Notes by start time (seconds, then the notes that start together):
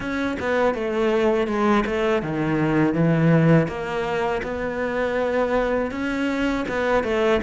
0.00 C#4
0.39 B3
0.74 A3
1.47 G#3
1.86 A3
2.22 D#3
2.94 E3
3.67 A#3
4.42 B3
5.91 C#4
6.68 B3
7.03 A3